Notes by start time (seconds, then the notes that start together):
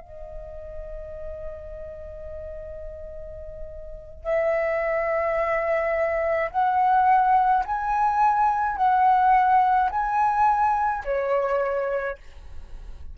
0.00 D#5
4.23 E5
6.51 F#5
7.65 G#5
8.76 F#5
9.90 G#5
11.05 C#5